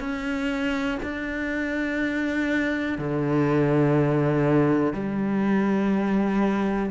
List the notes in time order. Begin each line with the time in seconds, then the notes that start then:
0.00 C#4
1.03 D4
2.99 D3
4.94 G3